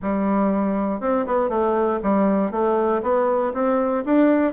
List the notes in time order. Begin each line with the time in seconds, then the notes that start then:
0.01 G3
1.00 C4
1.26 B3
1.49 A3
2.03 G3
2.51 A3
3.02 B3
3.53 C4
4.05 D4